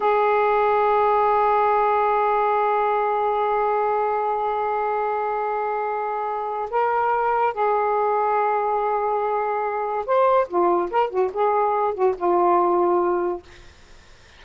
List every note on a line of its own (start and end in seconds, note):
0.00 6.69 G#4
6.70 7.53 A#4
7.53 10.05 G#4
10.06 10.48 C5
10.48 10.90 F4
10.90 11.10 A#4
11.10 11.31 F#4
11.33 11.94 G#4
11.94 12.15 F#4
12.17 13.42 F4